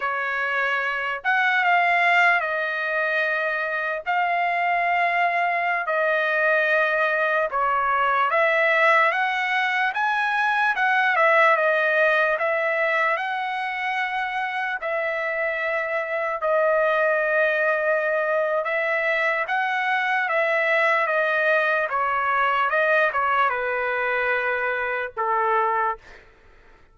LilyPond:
\new Staff \with { instrumentName = "trumpet" } { \time 4/4 \tempo 4 = 74 cis''4. fis''8 f''4 dis''4~ | dis''4 f''2~ f''16 dis''8.~ | dis''4~ dis''16 cis''4 e''4 fis''8.~ | fis''16 gis''4 fis''8 e''8 dis''4 e''8.~ |
e''16 fis''2 e''4.~ e''16~ | e''16 dis''2~ dis''8. e''4 | fis''4 e''4 dis''4 cis''4 | dis''8 cis''8 b'2 a'4 | }